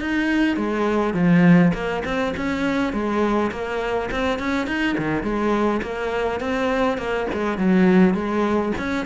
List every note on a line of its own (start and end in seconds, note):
0.00 0.57 D#4
0.57 1.14 G#3
1.14 1.72 F3
1.74 2.03 A#3
2.04 2.34 C4
2.36 2.93 C#4
2.93 3.51 G#3
3.51 4.10 A#3
4.11 4.39 C4
4.39 4.67 C#4
4.67 4.96 D#4
4.98 5.23 D#3
5.23 5.81 G#3
5.82 6.40 A#3
6.40 6.97 C4
6.97 7.27 A#3
7.33 7.58 G#3
7.58 8.14 F#3
8.14 8.72 G#3
8.78 9.06 C#4